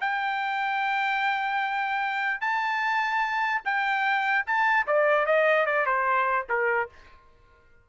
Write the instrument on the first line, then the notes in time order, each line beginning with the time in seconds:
trumpet
0.00 G5
2.41 A5
3.64 G5
4.46 A5
4.87 D5
5.26 D#5
5.66 D5
5.86 C5
6.49 A#4